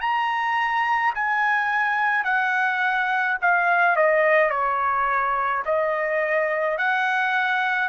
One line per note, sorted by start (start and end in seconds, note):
0.00 1.13 A#5
1.14 2.24 G#5
2.24 3.37 F#5
3.41 3.96 F5
3.96 4.50 D#5
4.50 5.63 C#5
5.65 6.77 D#5
6.77 7.88 F#5